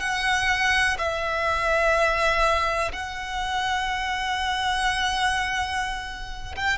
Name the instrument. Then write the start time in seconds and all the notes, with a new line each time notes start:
violin
0.00 F#5
0.98 E5
2.93 F#5
6.55 G5